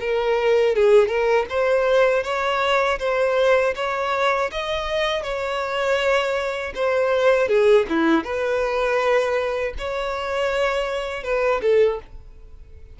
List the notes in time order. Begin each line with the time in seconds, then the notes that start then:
0.00 A#4
0.75 G#4
1.07 A#4
1.49 C5
2.23 C#5
2.99 C5
3.75 C#5
4.51 D#5
5.22 C#5
6.75 C5
7.48 G#4
7.89 E4
8.23 B4
9.78 C#5
11.23 B4
11.61 A4